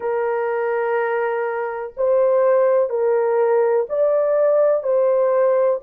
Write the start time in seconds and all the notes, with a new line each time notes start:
0.00 A#4
1.96 C5
2.89 A#4
3.89 D5
4.83 C5